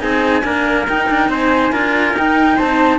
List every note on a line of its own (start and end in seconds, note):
0.00 0.42 C4
0.00 0.43 D#4
0.00 0.45 G#4
0.00 0.86 G#5
0.42 0.87 A#3
0.42 0.85 D4
0.42 1.30 A#4
0.87 1.08 D#4
0.87 1.72 D#4
0.87 1.32 G5
1.09 1.28 D4
1.28 1.71 C4
1.28 1.72 C5
1.28 2.17 G#5
1.72 2.13 D4
1.72 2.15 F4
1.72 2.56 A#4
2.13 2.56 D#4
2.13 2.98 D#4
2.13 2.58 G5
2.56 2.98 C4
2.56 2.98 C5
2.56 2.98 A5